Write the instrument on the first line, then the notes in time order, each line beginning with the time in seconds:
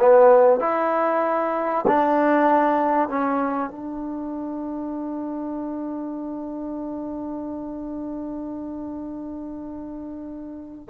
trombone
0.00 B3
0.61 E4
1.88 D4
3.09 C#4
3.70 D4